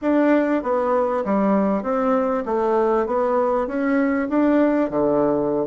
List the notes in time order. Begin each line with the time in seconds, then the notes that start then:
0.01 D4
0.63 B3
1.24 G3
1.82 C4
2.45 A3
3.06 B3
3.67 C#4
4.29 D4
4.90 D3